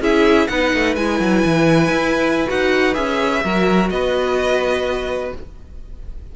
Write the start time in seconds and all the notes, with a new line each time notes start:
0.00 C#4 E4 G#4 E5
0.47 B3 D#4 B4 F#5
0.74 A3
0.95 G#3 E4 G#5
1.19 F#3
1.44 E3
1.89 E4
2.47 D#4 F#4 F#5
2.94 C#4 G#4 E5
3.43 F#3 F#4 A#4
3.90 B3 B4 D#5